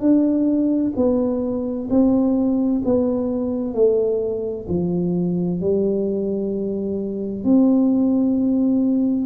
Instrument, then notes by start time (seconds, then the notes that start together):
tuba
0.00 D4
0.96 B3
1.90 C4
2.84 B3
3.74 A3
4.68 F3
5.60 G3
7.43 C4